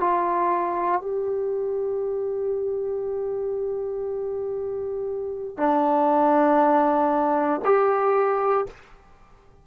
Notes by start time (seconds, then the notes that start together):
0.00 F4
1.02 G4
5.57 D4
7.65 G4